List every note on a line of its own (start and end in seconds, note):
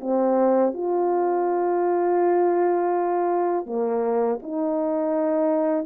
0.00 0.73 C4
0.74 3.66 F4
3.66 4.39 A#3
4.42 5.86 D#4